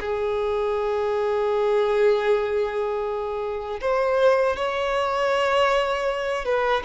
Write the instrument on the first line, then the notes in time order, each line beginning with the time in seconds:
violin
0.00 G#4
3.80 C5
4.56 C#5
6.45 B4